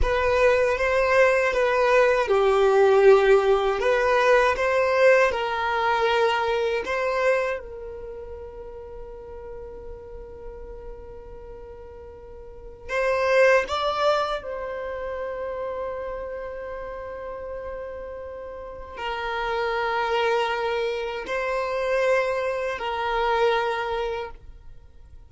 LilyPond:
\new Staff \with { instrumentName = "violin" } { \time 4/4 \tempo 4 = 79 b'4 c''4 b'4 g'4~ | g'4 b'4 c''4 ais'4~ | ais'4 c''4 ais'2~ | ais'1~ |
ais'4 c''4 d''4 c''4~ | c''1~ | c''4 ais'2. | c''2 ais'2 | }